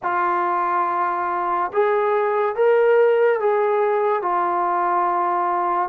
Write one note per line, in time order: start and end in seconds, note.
0.02 1.71 F4
1.72 2.55 G#4
2.55 3.40 A#4
3.40 4.22 G#4
4.22 5.89 F4